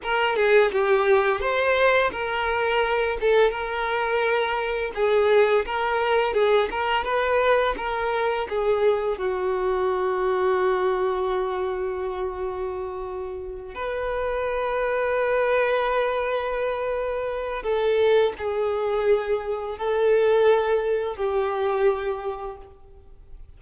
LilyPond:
\new Staff \with { instrumentName = "violin" } { \time 4/4 \tempo 4 = 85 ais'8 gis'8 g'4 c''4 ais'4~ | ais'8 a'8 ais'2 gis'4 | ais'4 gis'8 ais'8 b'4 ais'4 | gis'4 fis'2.~ |
fis'2.~ fis'8 b'8~ | b'1~ | b'4 a'4 gis'2 | a'2 g'2 | }